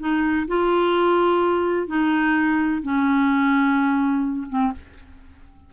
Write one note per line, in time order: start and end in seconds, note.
0.00 0.47 D#4
0.48 1.88 F4
1.88 2.82 D#4
2.83 4.48 C#4
4.49 4.73 C4